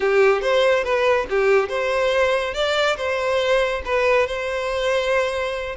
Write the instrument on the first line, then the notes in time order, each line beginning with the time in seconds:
violin
0.00 G4
0.41 C5
0.84 B4
1.29 G4
1.68 C5
2.54 D5
2.96 C5
3.85 B4
4.26 C5